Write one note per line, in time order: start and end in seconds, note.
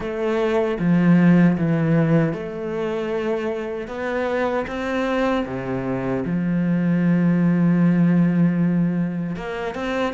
0.00 0.78 A3
0.79 1.57 F3
1.57 2.33 E3
2.33 3.87 A3
3.87 4.65 B3
4.67 5.45 C4
5.46 6.24 C3
6.25 9.36 F3
9.36 9.74 A#3
9.74 10.13 C4